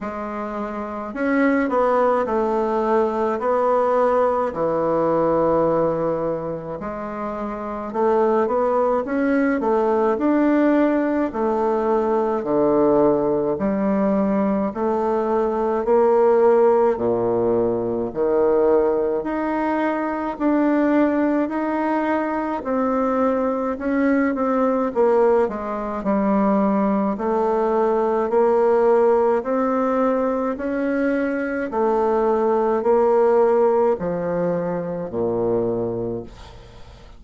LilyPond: \new Staff \with { instrumentName = "bassoon" } { \time 4/4 \tempo 4 = 53 gis4 cis'8 b8 a4 b4 | e2 gis4 a8 b8 | cis'8 a8 d'4 a4 d4 | g4 a4 ais4 ais,4 |
dis4 dis'4 d'4 dis'4 | c'4 cis'8 c'8 ais8 gis8 g4 | a4 ais4 c'4 cis'4 | a4 ais4 f4 ais,4 | }